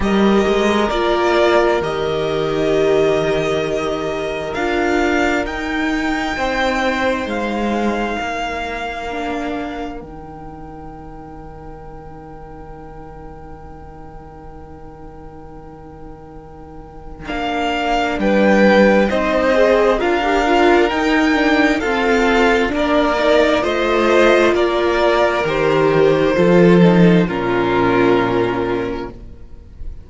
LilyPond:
<<
  \new Staff \with { instrumentName = "violin" } { \time 4/4 \tempo 4 = 66 dis''4 d''4 dis''2~ | dis''4 f''4 g''2 | f''2. g''4~ | g''1~ |
g''2. f''4 | g''4 dis''4 f''4 g''4 | f''4 d''4 dis''4 d''4 | c''2 ais'2 | }
  \new Staff \with { instrumentName = "violin" } { \time 4/4 ais'1~ | ais'2. c''4~ | c''4 ais'2.~ | ais'1~ |
ais'1 | b'4 c''4 ais'2 | a'4 ais'4 c''4 ais'4~ | ais'4 a'4 f'2 | }
  \new Staff \with { instrumentName = "viola" } { \time 4/4 g'4 f'4 g'2~ | g'4 f'4 dis'2~ | dis'2 d'4 dis'4~ | dis'1~ |
dis'2. d'4~ | d'4 dis'8 gis'8 f'16 g'16 f'8 dis'8 d'8 | c'4 d'8 dis'8 f'2 | g'4 f'8 dis'8 cis'2 | }
  \new Staff \with { instrumentName = "cello" } { \time 4/4 g8 gis8 ais4 dis2~ | dis4 d'4 dis'4 c'4 | gis4 ais2 dis4~ | dis1~ |
dis2. ais4 | g4 c'4 d'4 dis'4 | f'4 ais4 a4 ais4 | dis4 f4 ais,2 | }
>>